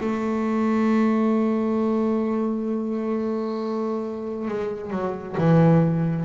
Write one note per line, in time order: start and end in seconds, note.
0.00 4.48 A3
4.48 4.90 G#3
4.90 5.35 F#3
5.37 6.25 E3